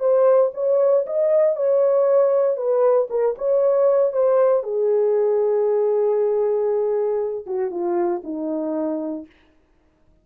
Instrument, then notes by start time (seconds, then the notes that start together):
horn
0.00 C5
0.55 C#5
1.07 D#5
1.57 C#5
2.57 B4
3.10 A#4
3.38 C#5
4.13 C5
4.64 G#4
7.47 F#4
7.71 F4
8.24 D#4